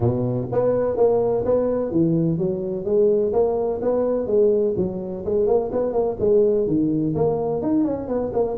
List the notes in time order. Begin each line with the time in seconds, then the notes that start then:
0.00 B2
0.52 B3
0.96 A#3
1.45 B3
1.91 E3
2.38 F#3
2.84 G#3
3.32 A#3
3.81 B3
4.26 G#3
4.77 F#3
5.25 G#3
5.46 A#3
5.72 B3
5.92 A#3
6.19 G#3
6.67 D#3
7.15 A#3
7.61 D#4
7.84 C#4
8.08 B3
8.33 A#3